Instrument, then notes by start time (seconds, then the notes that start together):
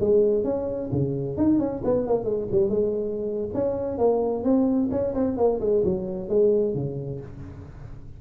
tuba
0.00 G#3
0.44 C#4
0.92 C#3
1.37 D#4
1.59 C#4
1.85 B3
2.07 A#3
2.25 G#3
2.52 G3
2.70 G#3
3.54 C#4
3.98 A#3
4.44 C4
4.91 C#4
5.14 C4
5.37 A#3
5.60 G#3
5.85 F#3
6.29 G#3
6.74 C#3